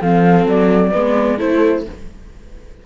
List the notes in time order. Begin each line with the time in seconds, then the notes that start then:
0.00 F3 C4 A4 F5
0.46 F#3 D5
0.91 G#3 B3 B4
1.37 A3 E4 A4 C5